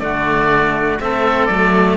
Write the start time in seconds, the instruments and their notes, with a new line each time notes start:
0.00 cello D3 A3, oboe F#4 D5
1.01 cello A3 C4, oboe A4 E5
1.46 cello F#3 A3, oboe D5